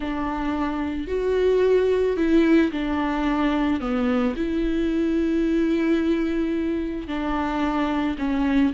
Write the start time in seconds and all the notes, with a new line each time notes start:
0.00 D4
1.07 F#4
2.16 E4
2.71 D4
3.80 B3
4.36 E4
7.07 D4
8.18 C#4